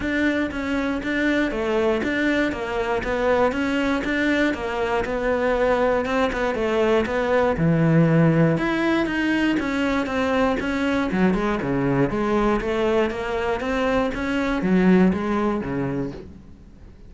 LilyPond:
\new Staff \with { instrumentName = "cello" } { \time 4/4 \tempo 4 = 119 d'4 cis'4 d'4 a4 | d'4 ais4 b4 cis'4 | d'4 ais4 b2 | c'8 b8 a4 b4 e4~ |
e4 e'4 dis'4 cis'4 | c'4 cis'4 fis8 gis8 cis4 | gis4 a4 ais4 c'4 | cis'4 fis4 gis4 cis4 | }